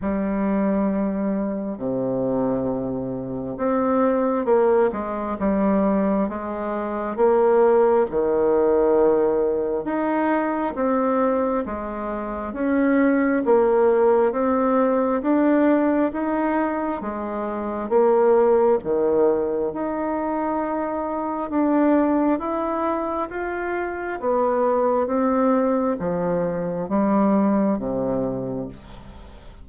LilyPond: \new Staff \with { instrumentName = "bassoon" } { \time 4/4 \tempo 4 = 67 g2 c2 | c'4 ais8 gis8 g4 gis4 | ais4 dis2 dis'4 | c'4 gis4 cis'4 ais4 |
c'4 d'4 dis'4 gis4 | ais4 dis4 dis'2 | d'4 e'4 f'4 b4 | c'4 f4 g4 c4 | }